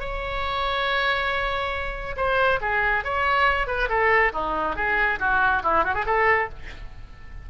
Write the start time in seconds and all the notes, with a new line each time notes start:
0.00 C#5
2.17 C5
2.61 G#4
3.04 C#5
3.67 B4
3.89 A4
4.33 D#4
4.76 G#4
5.19 F#4
5.63 E4
5.84 F#4
5.94 G#4
6.06 A4